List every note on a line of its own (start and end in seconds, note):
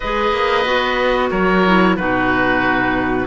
0.00 0.32 G#3
0.00 0.65 G#4
0.00 1.28 B4
0.00 1.30 D#5
0.32 0.65 A#3
0.65 1.30 B3
0.65 1.63 F#4
1.30 1.97 F#3
1.30 1.96 A#4
1.30 1.96 C#5
1.66 1.98 E4
1.96 3.27 B2
1.96 3.27 D#4
1.96 3.27 F#4
1.96 3.27 B4